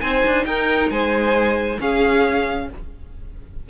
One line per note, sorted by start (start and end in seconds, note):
0.00 0.24 C4
0.00 1.77 D#4
0.00 0.46 C5
0.00 0.44 G#5
0.26 0.45 D4
0.45 0.89 D#4
0.45 0.91 A#4
0.45 0.90 G5
0.90 1.78 G#3
0.90 1.80 C5
0.90 1.78 G#5
1.79 2.67 C#4
1.79 2.69 C#4
1.79 2.68 G#4
1.79 2.69 F5